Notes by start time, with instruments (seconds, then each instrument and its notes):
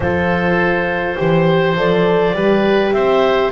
0.00 double bass F3, horn F4, oboe A4, clarinet C5
1.17 double bass E3, horn G4, oboe C5
1.74 double bass F3, horn A4, clarinet D5
2.32 double bass G3, horn G4, oboe B4
2.92 double bass C4, oboe C5, clarinet E5